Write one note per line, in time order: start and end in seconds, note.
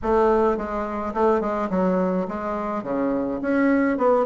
0.02 0.57 A3
0.57 1.13 G#3
1.14 1.40 A3
1.40 1.69 G#3
1.70 2.26 F#3
2.28 2.83 G#3
2.83 3.40 C#3
3.41 3.97 C#4
3.97 4.25 B3